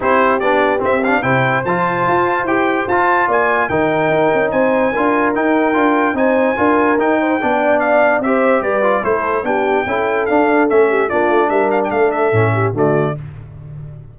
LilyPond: <<
  \new Staff \with { instrumentName = "trumpet" } { \time 4/4 \tempo 4 = 146 c''4 d''4 e''8 f''8 g''4 | a''2 g''4 a''4 | gis''4 g''2 gis''4~ | gis''4 g''2 gis''4~ |
gis''4 g''2 f''4 | e''4 d''4 c''4 g''4~ | g''4 f''4 e''4 d''4 | e''8 f''16 g''16 f''8 e''4. d''4 | }
  \new Staff \with { instrumentName = "horn" } { \time 4/4 g'2. c''4~ | c''1 | d''4 ais'2 c''4 | ais'2. c''4 |
ais'4. c''8 d''2 | c''4 b'4 a'4 g'4 | a'2~ a'8 g'8 f'4 | ais'4 a'4. g'8 fis'4 | }
  \new Staff \with { instrumentName = "trombone" } { \time 4/4 e'4 d'4 c'8 d'8 e'4 | f'2 g'4 f'4~ | f'4 dis'2. | f'4 dis'4 f'4 dis'4 |
f'4 dis'4 d'2 | g'4. f'8 e'4 d'4 | e'4 d'4 cis'4 d'4~ | d'2 cis'4 a4 | }
  \new Staff \with { instrumentName = "tuba" } { \time 4/4 c'4 b4 c'4 c4 | f4 f'4 e'4 f'4 | ais4 dis4 dis'8 cis'8 c'4 | d'4 dis'4 d'4 c'4 |
d'4 dis'4 b2 | c'4 g4 a4 b4 | cis'4 d'4 a4 ais8 a8 | g4 a4 a,4 d4 | }
>>